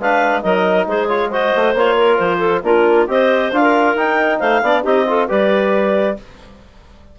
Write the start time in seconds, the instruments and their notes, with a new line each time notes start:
0.00 bassoon G#3, trombone D4, clarinet B4 F5
0.43 bassoon F#3, trombone D#4, clarinet A#4 D#5
0.87 bassoon G#3, clarinet G#4 C5
1.09 trombone F4, clarinet C#5
1.30 trombone F#4, clarinet C5 D#5
1.56 bassoon A3
1.75 bassoon A#3, trombone F4, clarinet C#5
1.98 clarinet A#4
2.18 bassoon F3, clarinet C5
2.39 clarinet A4
2.63 bassoon A#3, trombone D4, clarinet F4 A#4
3.08 bassoon C4, trombone G4, clarinet C5 D#5
3.52 bassoon D4, trombone F4, clarinet F5
3.62 clarinet A#4
3.95 bassoon D#4, trombone D#4, clarinet G5
4.40 bassoon A3, clarinet C5 F5
4.63 bassoon B3, trombone D4, clarinet D5
4.84 bassoon C4, trombone D#4, clarinet G4 D#5
5.07 trombone F4, clarinet A4
5.28 bassoon G3, trombone G4, clarinet B4 D5